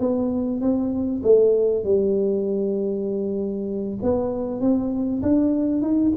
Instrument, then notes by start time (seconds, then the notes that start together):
tuba
0.00 B3
0.61 C4
1.24 A3
1.84 G3
4.03 B3
4.61 C4
5.23 D4
5.82 D#4